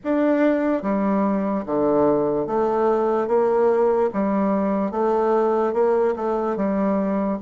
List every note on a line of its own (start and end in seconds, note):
0.03 0.82 D4
0.82 1.64 G3
1.66 2.46 D3
2.46 3.27 A3
3.27 4.09 A#3
4.13 4.91 G3
4.91 5.73 A3
5.73 6.14 A#3
6.16 6.56 A3
6.56 7.38 G3